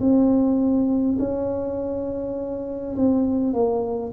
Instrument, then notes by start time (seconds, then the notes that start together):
tuba
0.00 C4
1.19 C#4
2.96 C4
3.53 A#3